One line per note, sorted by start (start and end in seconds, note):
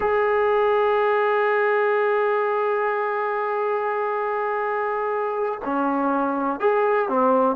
0.00 5.60 G#4
5.64 6.60 C#4
6.60 7.08 G#4
7.09 7.56 C4